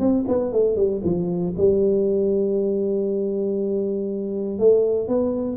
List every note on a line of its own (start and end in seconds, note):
0.00 0.25 C4
0.28 0.53 B3
0.53 0.77 A3
0.77 1.02 G3
1.05 1.55 F3
1.57 4.59 G3
4.59 5.08 A3
5.08 5.57 B3